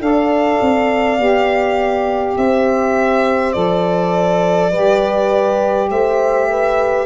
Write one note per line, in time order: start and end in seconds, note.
0.00 0.59 D4
0.00 1.18 A4
0.00 2.38 D5
0.00 2.37 F5
0.61 1.18 C4
1.18 2.36 B3
1.18 3.53 G4
2.37 3.54 C4
2.37 4.71 C5
2.37 3.52 E5
3.52 4.73 F3
3.52 4.71 A4
3.52 5.88 D5
4.71 5.90 G3
4.71 7.06 G4
4.71 5.88 B4
5.90 7.06 A3
5.90 6.49 C5
5.90 7.06 E5
6.50 7.06 B4